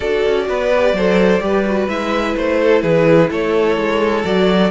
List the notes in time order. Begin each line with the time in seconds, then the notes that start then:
0.00 D4 F#4 A4 D5
0.26 C#4
0.49 B3 B4
0.73 G4
0.93 F#3 A4 C5
1.40 G3 G4 B4
1.65 F#4
1.88 G#3 E4 E5
2.36 A3 C5
2.60 A4
2.82 E3 G#4 B4
3.30 A3 A4 C#5
3.77 G#3
4.25 F#3 F#4 D5